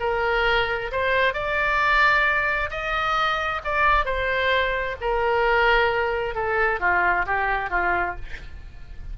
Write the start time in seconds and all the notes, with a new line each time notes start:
0.00 A#4
0.92 C5
1.33 D5
2.70 D#5
3.64 D5
4.05 C5
5.01 A#4
6.35 A4
6.80 F4
7.26 G4
7.70 F4